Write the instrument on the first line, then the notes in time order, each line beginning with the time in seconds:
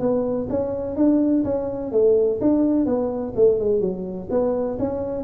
tuba
0.00 B3
0.49 C#4
0.96 D4
1.44 C#4
1.92 A3
2.41 D4
2.86 B3
3.36 A3
3.59 G#3
3.81 F#3
4.30 B3
4.79 C#4